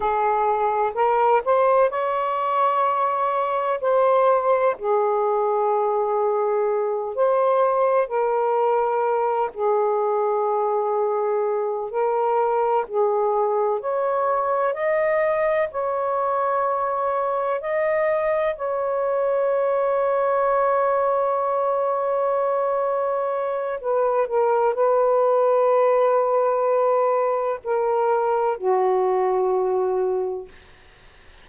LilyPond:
\new Staff \with { instrumentName = "saxophone" } { \time 4/4 \tempo 4 = 63 gis'4 ais'8 c''8 cis''2 | c''4 gis'2~ gis'8 c''8~ | c''8 ais'4. gis'2~ | gis'8 ais'4 gis'4 cis''4 dis''8~ |
dis''8 cis''2 dis''4 cis''8~ | cis''1~ | cis''4 b'8 ais'8 b'2~ | b'4 ais'4 fis'2 | }